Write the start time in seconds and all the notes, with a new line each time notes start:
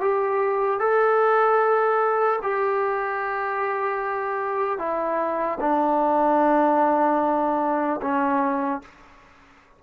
0.00 G4
0.79 A4
2.42 G4
4.78 E4
5.60 D4
8.01 C#4